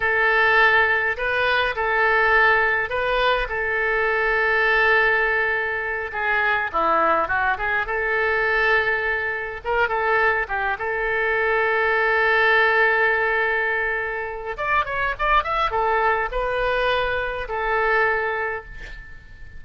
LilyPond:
\new Staff \with { instrumentName = "oboe" } { \time 4/4 \tempo 4 = 103 a'2 b'4 a'4~ | a'4 b'4 a'2~ | a'2~ a'8 gis'4 e'8~ | e'8 fis'8 gis'8 a'2~ a'8~ |
a'8 ais'8 a'4 g'8 a'4.~ | a'1~ | a'4 d''8 cis''8 d''8 e''8 a'4 | b'2 a'2 | }